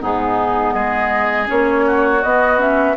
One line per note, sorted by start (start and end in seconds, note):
0.00 0.74 G#2
0.00 1.46 B3
0.00 0.74 D#4
0.00 0.73 G#4
0.73 1.48 G#3
0.73 1.85 G#4
0.73 1.47 D#5
1.46 2.24 A#3
1.46 2.20 C#4
1.46 2.23 C#5
1.87 2.97 F#4
2.23 2.97 B3
2.23 2.58 B3
2.23 2.60 D#5
2.58 2.95 C#4
2.58 2.97 E5